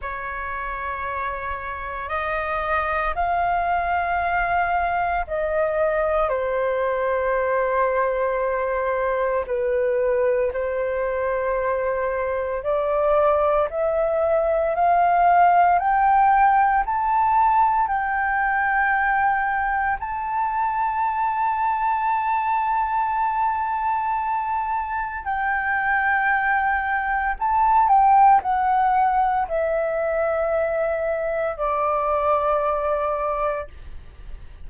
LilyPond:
\new Staff \with { instrumentName = "flute" } { \time 4/4 \tempo 4 = 57 cis''2 dis''4 f''4~ | f''4 dis''4 c''2~ | c''4 b'4 c''2 | d''4 e''4 f''4 g''4 |
a''4 g''2 a''4~ | a''1 | g''2 a''8 g''8 fis''4 | e''2 d''2 | }